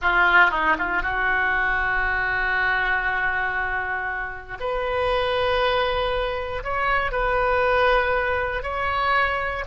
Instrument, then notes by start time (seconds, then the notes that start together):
oboe
0.01 F4
0.50 D#4
0.78 F4
1.02 F#4
4.59 B4
6.63 C#5
7.11 B4
8.63 C#5